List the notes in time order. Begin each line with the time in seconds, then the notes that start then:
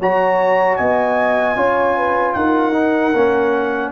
0.00 F#3 F#4 C#5 A#5
0.77 B3 D#5 G#5
1.56 C#4 F4 C#5
1.97 B4
2.34 D#4 A#4 F#5
2.73 D#4
3.14 A#3 C#4